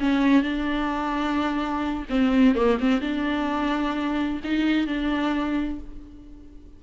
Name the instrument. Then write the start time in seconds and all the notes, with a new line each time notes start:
viola
0.00 C#4
0.43 D4
2.10 C4
2.55 A#3
2.80 C4
3.01 D4
4.44 D#4
4.87 D4